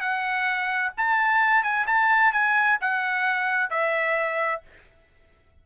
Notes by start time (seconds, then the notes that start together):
0.00 F#5
0.97 A5
1.63 G#5
1.87 A5
2.32 G#5
2.81 F#5
3.70 E5